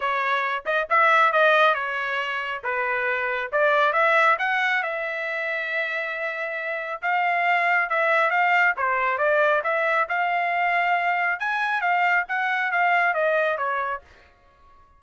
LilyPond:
\new Staff \with { instrumentName = "trumpet" } { \time 4/4 \tempo 4 = 137 cis''4. dis''8 e''4 dis''4 | cis''2 b'2 | d''4 e''4 fis''4 e''4~ | e''1 |
f''2 e''4 f''4 | c''4 d''4 e''4 f''4~ | f''2 gis''4 f''4 | fis''4 f''4 dis''4 cis''4 | }